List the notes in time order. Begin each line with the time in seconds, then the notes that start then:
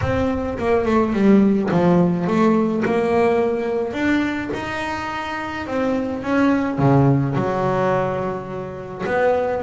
0.01 C4
0.58 A#3
0.85 A3
1.13 G3
1.71 F3
2.27 A3
2.85 A#3
3.93 D4
4.53 D#4
5.66 C4
6.22 C#4
6.78 C#3
7.35 F#3
9.05 B3